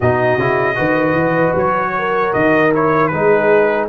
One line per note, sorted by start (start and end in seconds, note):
0.00 0.37 B2
0.00 0.39 D#4
0.00 0.75 F#4
0.00 1.56 D#5
0.37 0.76 C#3
0.37 0.75 E4
0.75 1.13 D#3
0.75 2.69 F#4
0.75 1.93 B4
1.13 1.52 E3
1.54 2.32 F#3
1.54 2.33 C#5
1.97 3.12 A#4
2.33 3.12 D#3
2.33 2.72 D#5
2.73 3.12 E4
2.73 3.07 C#5
3.07 3.88 G#3
3.07 3.88 D#4
3.07 3.88 G#4
3.07 3.85 B4